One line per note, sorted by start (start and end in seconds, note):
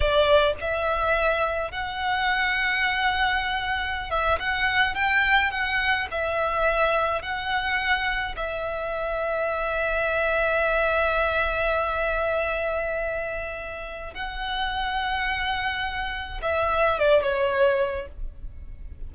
0.00 0.53 D5
0.60 1.71 E5
1.71 4.10 F#5
4.10 4.38 E5
4.39 4.95 F#5
4.95 5.50 G5
5.50 6.07 F#5
6.11 7.21 E5
7.21 8.35 F#5
8.36 14.14 E5
14.14 16.40 F#5
16.42 16.98 E5
16.99 17.22 D5
17.22 18.07 C#5